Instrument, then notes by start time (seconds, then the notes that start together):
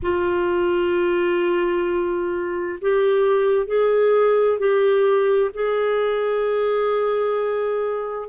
clarinet
0.02 F4
2.81 G4
3.67 G#4
4.58 G4
5.53 G#4